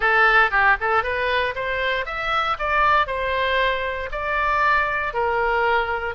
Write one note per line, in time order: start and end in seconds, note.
0.00 0.50 A4
0.50 0.76 G4
0.80 1.03 A4
1.03 1.54 B4
1.55 2.05 C5
2.05 2.57 E5
2.58 3.07 D5
3.07 4.09 C5
4.11 5.13 D5
5.13 6.14 A#4